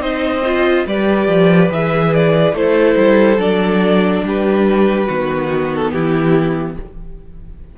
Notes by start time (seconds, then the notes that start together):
0.00 C4 D#4 C5 D#5
0.46 F4
0.87 G3 G4 B4 D5
1.28 F3
1.71 E3 G#4 E5
2.14 D5
2.54 A3 E4 A4 C5
2.97 G3
3.38 F#3 D4 D5
4.24 G3 G4 B4
5.08 D#3 B3 F#4
5.75 A4
5.92 E3 E4 G4